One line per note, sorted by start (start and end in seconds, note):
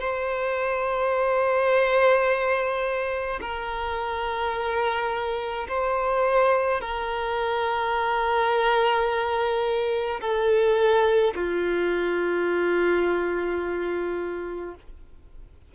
0.00 3.40 C5
3.41 5.68 A#4
5.69 6.81 C5
6.81 10.20 A#4
10.21 11.34 A4
11.35 14.75 F4